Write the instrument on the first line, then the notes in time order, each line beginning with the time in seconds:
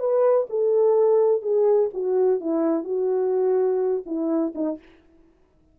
horn
0.00 B4
0.50 A4
1.43 G#4
1.94 F#4
2.41 E4
2.85 F#4
4.06 E4
4.55 D#4